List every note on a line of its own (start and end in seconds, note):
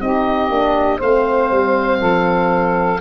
0.00 0.49 C4
0.00 0.50 D#4
0.00 0.97 G4
0.00 1.00 D#5
0.49 0.99 A#3
0.49 1.00 D4
0.97 1.51 A3
0.97 1.97 C5
0.97 3.00 F5
1.04 3.00 C4
1.51 2.00 G3
2.00 3.00 F3
2.00 3.00 A4